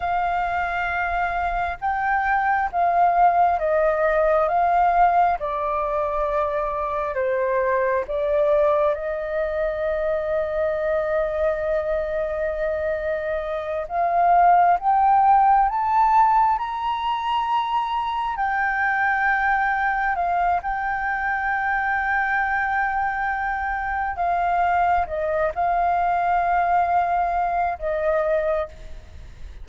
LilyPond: \new Staff \with { instrumentName = "flute" } { \time 4/4 \tempo 4 = 67 f''2 g''4 f''4 | dis''4 f''4 d''2 | c''4 d''4 dis''2~ | dis''2.~ dis''8 f''8~ |
f''8 g''4 a''4 ais''4.~ | ais''8 g''2 f''8 g''4~ | g''2. f''4 | dis''8 f''2~ f''8 dis''4 | }